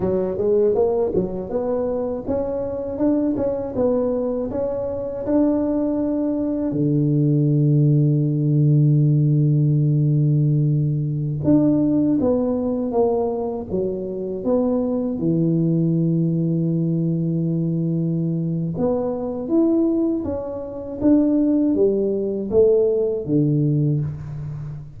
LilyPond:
\new Staff \with { instrumentName = "tuba" } { \time 4/4 \tempo 4 = 80 fis8 gis8 ais8 fis8 b4 cis'4 | d'8 cis'8 b4 cis'4 d'4~ | d'4 d2.~ | d2.~ d16 d'8.~ |
d'16 b4 ais4 fis4 b8.~ | b16 e2.~ e8.~ | e4 b4 e'4 cis'4 | d'4 g4 a4 d4 | }